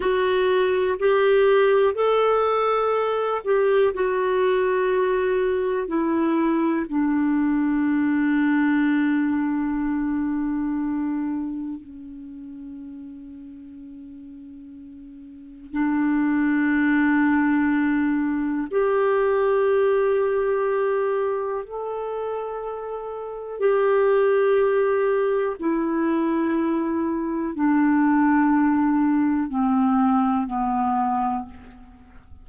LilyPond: \new Staff \with { instrumentName = "clarinet" } { \time 4/4 \tempo 4 = 61 fis'4 g'4 a'4. g'8 | fis'2 e'4 d'4~ | d'1 | cis'1 |
d'2. g'4~ | g'2 a'2 | g'2 e'2 | d'2 c'4 b4 | }